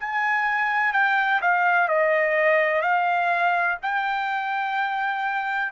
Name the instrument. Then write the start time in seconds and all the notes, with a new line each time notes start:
trumpet
0.00 G#5
0.93 G5
1.41 F5
1.88 D#5
2.82 F5
3.82 G5